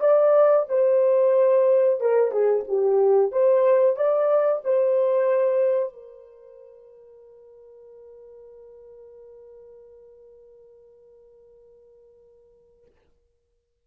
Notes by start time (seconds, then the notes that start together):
0.00 D5
0.69 C5
2.00 A#4
2.31 G#4
2.68 G4
3.31 C5
3.96 D5
4.64 C5
5.93 A#4